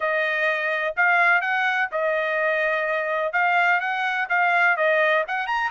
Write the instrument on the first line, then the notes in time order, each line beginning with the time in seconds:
trumpet
0.00 D#5
0.96 F5
1.41 F#5
1.91 D#5
3.32 F5
3.80 F#5
4.29 F5
4.76 D#5
5.27 F#5
5.46 A#5